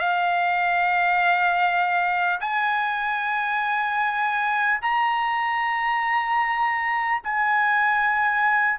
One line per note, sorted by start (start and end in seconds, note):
0.00 2.40 F5
2.41 4.81 G#5
4.82 7.22 A#5
7.24 8.80 G#5